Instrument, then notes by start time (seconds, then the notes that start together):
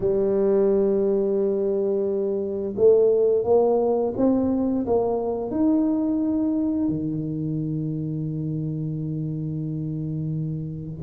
tuba
0.00 G3
2.76 A3
3.44 A#3
4.17 C4
4.86 A#3
5.50 D#4
6.88 D#3